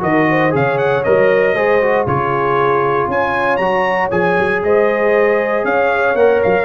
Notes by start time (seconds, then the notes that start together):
0.00 D#3 F#4 A#4 D#5
0.30 C5
0.50 C#3 G#4 C#5 F5
0.78 F#5
1.04 F#3 A#4 D#5
1.55 G#3 G#4 C5
1.82 F#4
2.06 C#3 F4 G#4 C#5
3.08 C#4 C#5 G#5
3.57 F#3 F#4 A#5
4.11 F3 G#4 G#5
4.39 F#3
4.64 G#3 C5 D#5
5.65 C#4 C#5 F5
6.15 A#3 A#4 F#5
6.43 F#3 F5